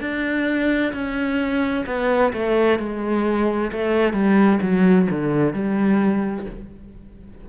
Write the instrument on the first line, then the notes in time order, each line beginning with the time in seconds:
cello
0.00 D4
0.93 C#4
1.86 B3
2.32 A3
2.79 G#3
3.72 A3
4.13 G3
4.62 F#3
5.10 D3
5.53 G3